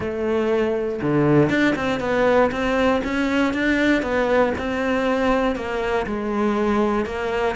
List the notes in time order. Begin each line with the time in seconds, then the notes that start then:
0.00 A3
1.02 D3
1.49 D4
1.75 C4
2.00 B3
2.51 C4
3.03 C#4
3.53 D4
4.02 B3
4.57 C4
5.55 A#3
6.06 G#3
7.05 A#3